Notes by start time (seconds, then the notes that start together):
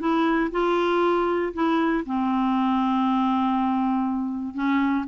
0.00 E4
0.52 F4
1.54 E4
2.06 C4
4.55 C#4